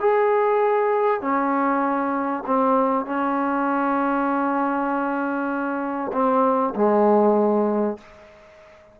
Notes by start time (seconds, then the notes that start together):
0.00 G#4
1.21 C#4
2.47 C4
3.06 C#4
6.13 C4
6.75 G#3